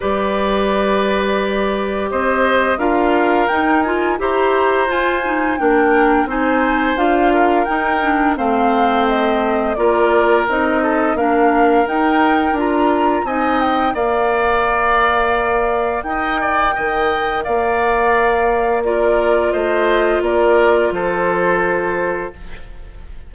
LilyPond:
<<
  \new Staff \with { instrumentName = "flute" } { \time 4/4 \tempo 4 = 86 d''2. dis''4 | f''4 g''8 gis''8 ais''4 gis''4 | g''4 gis''4 f''4 g''4 | f''4 dis''4 d''4 dis''4 |
f''4 g''4 ais''4 gis''8 g''8 | f''2. g''4~ | g''4 f''2 d''4 | dis''4 d''4 c''2 | }
  \new Staff \with { instrumentName = "oboe" } { \time 4/4 b'2. c''4 | ais'2 c''2 | ais'4 c''4. ais'4. | c''2 ais'4. a'8 |
ais'2. dis''4 | d''2. dis''8 d''8 | dis''4 d''2 ais'4 | c''4 ais'4 a'2 | }
  \new Staff \with { instrumentName = "clarinet" } { \time 4/4 g'1 | f'4 dis'8 f'8 g'4 f'8 dis'8 | d'4 dis'4 f'4 dis'8 d'8 | c'2 f'4 dis'4 |
d'4 dis'4 f'4 dis'4 | ais'1~ | ais'2. f'4~ | f'1 | }
  \new Staff \with { instrumentName = "bassoon" } { \time 4/4 g2. c'4 | d'4 dis'4 e'4 f'4 | ais4 c'4 d'4 dis'4 | a2 ais4 c'4 |
ais4 dis'4 d'4 c'4 | ais2. dis'4 | dis4 ais2. | a4 ais4 f2 | }
>>